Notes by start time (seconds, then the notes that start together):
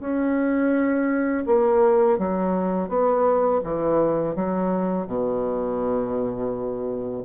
0.00 C#4
1.46 A#3
2.19 F#3
2.89 B3
3.64 E3
4.36 F#3
5.07 B2